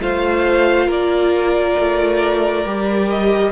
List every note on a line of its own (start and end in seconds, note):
0.00 0.87 A3
0.00 2.65 F4
0.00 0.87 C5
0.00 0.90 F5
0.87 1.75 A#3
0.87 3.51 A#4
0.87 3.09 D5
1.78 2.64 A3
2.64 3.52 G3
2.64 3.52 G4
3.09 3.52 D#5